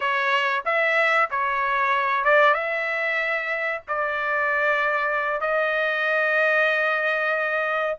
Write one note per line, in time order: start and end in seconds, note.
0.00 0.63 C#5
0.65 1.29 E5
1.30 2.24 C#5
2.24 2.54 D5
2.54 3.82 E5
3.88 5.41 D5
5.41 7.96 D#5